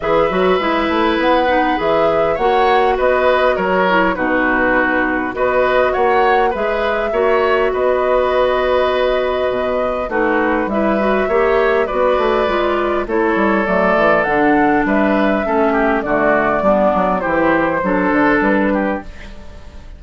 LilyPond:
<<
  \new Staff \with { instrumentName = "flute" } { \time 4/4 \tempo 4 = 101 e''2 fis''4 e''4 | fis''4 dis''4 cis''4 b'4~ | b'4 dis''4 fis''4 e''4~ | e''4 dis''2.~ |
dis''4 b'4 e''2 | d''2 cis''4 d''4 | fis''4 e''2 d''4~ | d''4 c''2 b'4 | }
  \new Staff \with { instrumentName = "oboe" } { \time 4/4 b'1 | cis''4 b'4 ais'4 fis'4~ | fis'4 b'4 cis''4 b'4 | cis''4 b'2.~ |
b'4 fis'4 b'4 cis''4 | b'2 a'2~ | a'4 b'4 a'8 g'8 fis'4 | d'4 g'4 a'4. g'8 | }
  \new Staff \with { instrumentName = "clarinet" } { \time 4/4 gis'8 fis'8 e'4. dis'8 gis'4 | fis'2~ fis'8 e'8 dis'4~ | dis'4 fis'2 gis'4 | fis'1~ |
fis'4 dis'4 e'8 fis'8 g'4 | fis'4 f'4 e'4 a4 | d'2 cis'4 a4 | b4 e'4 d'2 | }
  \new Staff \with { instrumentName = "bassoon" } { \time 4/4 e8 fis8 gis8 a8 b4 e4 | ais4 b4 fis4 b,4~ | b,4 b4 ais4 gis4 | ais4 b2. |
b,4 a4 g4 ais4 | b8 a8 gis4 a8 g8 fis8 e8 | d4 g4 a4 d4 | g8 fis8 e4 fis8 d8 g4 | }
>>